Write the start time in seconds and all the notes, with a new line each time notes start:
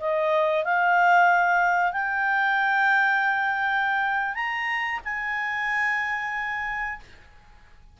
0.00 D#5
0.65 F5
1.92 G5
4.35 A#5
5.04 G#5